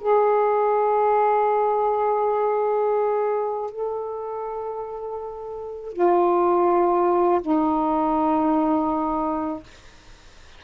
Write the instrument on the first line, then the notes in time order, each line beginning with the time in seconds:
saxophone
0.00 G#4
3.70 A4
5.93 F4
7.41 D#4